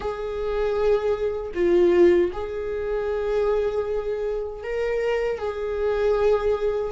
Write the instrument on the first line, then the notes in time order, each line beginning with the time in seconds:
viola
0.00 G#4
1.54 F4
2.33 G#4
4.63 A#4
5.38 G#4